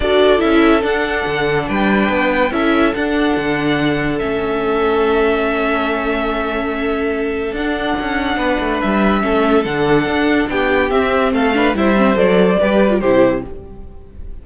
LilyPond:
<<
  \new Staff \with { instrumentName = "violin" } { \time 4/4 \tempo 4 = 143 d''4 e''4 fis''2 | g''2 e''4 fis''4~ | fis''2 e''2~ | e''1~ |
e''2 fis''2~ | fis''4 e''2 fis''4~ | fis''4 g''4 e''4 f''4 | e''4 d''2 c''4 | }
  \new Staff \with { instrumentName = "violin" } { \time 4/4 a'1 | b'2 a'2~ | a'1~ | a'1~ |
a'1 | b'2 a'2~ | a'4 g'2 a'8 b'8 | c''2 b'4 g'4 | }
  \new Staff \with { instrumentName = "viola" } { \time 4/4 fis'4 e'4 d'2~ | d'2 e'4 d'4~ | d'2 cis'2~ | cis'1~ |
cis'2 d'2~ | d'2 cis'4 d'4~ | d'2 c'4. d'8 | e'8 c'8 a'4 g'8. f'16 e'4 | }
  \new Staff \with { instrumentName = "cello" } { \time 4/4 d'4 cis'4 d'4 d4 | g4 b4 cis'4 d'4 | d2 a2~ | a1~ |
a2 d'4 cis'4 | b8 a8 g4 a4 d4 | d'4 b4 c'4 a4 | g4 fis4 g4 c4 | }
>>